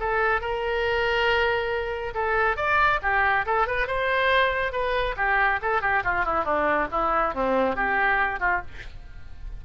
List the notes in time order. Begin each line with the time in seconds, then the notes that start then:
0.00 A4
0.41 A#4
2.14 A4
2.57 D5
3.02 G4
3.46 A4
3.67 B4
3.87 C5
4.72 B4
5.17 G4
5.62 A4
5.81 G4
6.04 F4
6.25 E4
6.45 D4
6.91 E4
7.34 C4
7.76 G4
8.40 F4